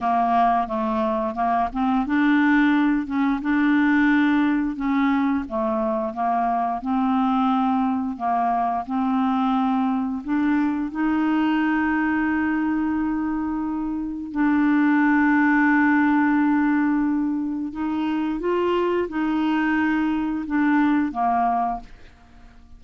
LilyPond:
\new Staff \with { instrumentName = "clarinet" } { \time 4/4 \tempo 4 = 88 ais4 a4 ais8 c'8 d'4~ | d'8 cis'8 d'2 cis'4 | a4 ais4 c'2 | ais4 c'2 d'4 |
dis'1~ | dis'4 d'2.~ | d'2 dis'4 f'4 | dis'2 d'4 ais4 | }